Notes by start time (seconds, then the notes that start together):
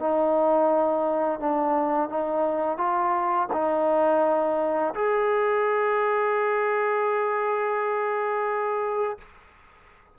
0.00 D#4
1.40 D4
2.10 D#4
2.78 F4
3.53 D#4
4.95 G#4